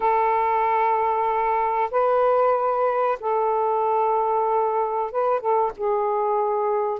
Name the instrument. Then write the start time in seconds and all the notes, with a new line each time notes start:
saxophone
0.00 A4
1.90 B4
3.19 A4
5.11 B4
5.40 A4
5.76 G#4